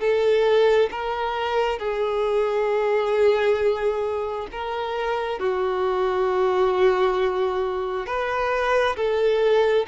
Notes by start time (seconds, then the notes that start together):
0.00 A4
0.91 A#4
1.79 G#4
4.52 A#4
5.39 F#4
8.06 B4
8.97 A4